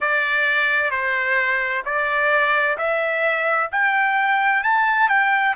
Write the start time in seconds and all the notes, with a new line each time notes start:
0.00 D5
0.90 C5
1.85 D5
2.77 E5
3.71 G5
4.63 A5
5.09 G5